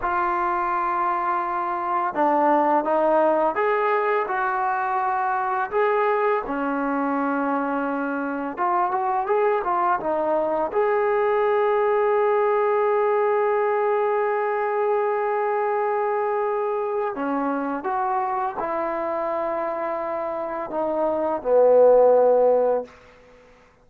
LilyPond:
\new Staff \with { instrumentName = "trombone" } { \time 4/4 \tempo 4 = 84 f'2. d'4 | dis'4 gis'4 fis'2 | gis'4 cis'2. | f'8 fis'8 gis'8 f'8 dis'4 gis'4~ |
gis'1~ | gis'1 | cis'4 fis'4 e'2~ | e'4 dis'4 b2 | }